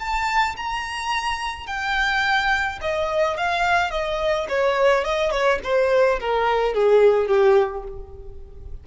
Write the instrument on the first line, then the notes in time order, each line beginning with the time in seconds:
violin
0.00 A5
0.57 A#5
1.67 G5
2.82 D#5
3.37 F5
3.91 D#5
4.49 C#5
5.05 D#5
5.32 C#5
5.64 C5
6.20 A#4
6.75 G#4
7.28 G4